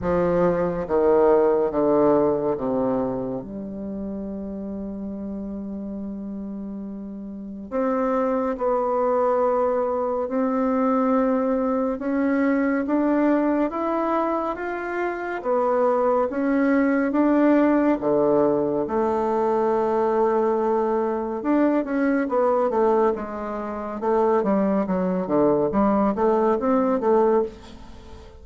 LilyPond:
\new Staff \with { instrumentName = "bassoon" } { \time 4/4 \tempo 4 = 70 f4 dis4 d4 c4 | g1~ | g4 c'4 b2 | c'2 cis'4 d'4 |
e'4 f'4 b4 cis'4 | d'4 d4 a2~ | a4 d'8 cis'8 b8 a8 gis4 | a8 g8 fis8 d8 g8 a8 c'8 a8 | }